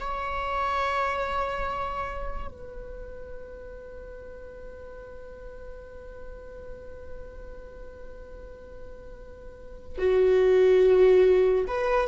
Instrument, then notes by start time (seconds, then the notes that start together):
viola
0.00 C#5
2.48 B4
9.98 F#4
11.67 B4